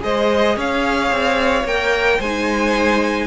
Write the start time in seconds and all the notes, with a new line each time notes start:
0.00 G#3 G#4 C5 D#5
0.56 C#4 C#5 F5
1.11 C4
1.64 A#3 A#4 G5
2.18 G#3 D#4 C5 G#5